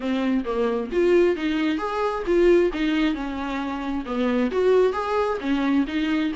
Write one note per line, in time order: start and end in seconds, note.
0.00 0.44 C4
0.44 0.90 A#3
0.91 1.36 F4
1.36 1.78 D#4
1.78 2.23 G#4
2.26 2.71 F4
2.73 3.14 D#4
3.14 4.04 C#4
4.05 4.50 B3
4.51 4.93 F#4
4.93 5.38 G#4
5.40 5.85 C#4
5.87 6.32 D#4